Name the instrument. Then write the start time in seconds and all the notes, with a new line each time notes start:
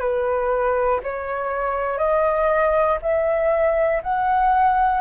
flute
0.00 B4
1.03 C#5
1.98 D#5
3.02 E5
4.03 F#5